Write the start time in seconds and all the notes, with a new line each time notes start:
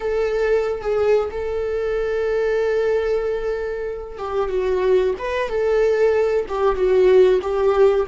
0.00 A4
0.81 G#4
1.31 A4
4.18 G4
4.49 F#4
5.18 B4
5.48 A4
6.48 G4
6.75 F#4
7.42 G4